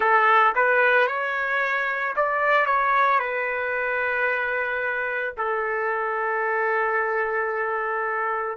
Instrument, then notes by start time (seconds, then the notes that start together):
trumpet
0.00 A4
0.55 B4
1.07 C#5
2.15 D5
2.65 C#5
3.19 B4
5.37 A4